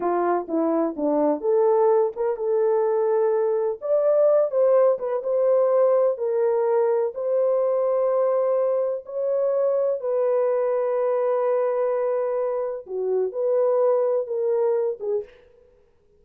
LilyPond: \new Staff \with { instrumentName = "horn" } { \time 4/4 \tempo 4 = 126 f'4 e'4 d'4 a'4~ | a'8 ais'8 a'2. | d''4. c''4 b'8 c''4~ | c''4 ais'2 c''4~ |
c''2. cis''4~ | cis''4 b'2.~ | b'2. fis'4 | b'2 ais'4. gis'8 | }